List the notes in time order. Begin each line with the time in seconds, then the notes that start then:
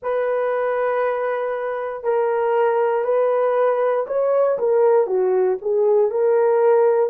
0.02 B4
2.03 A#4
3.04 B4
4.07 C#5
4.58 A#4
5.06 F#4
5.61 G#4
6.10 A#4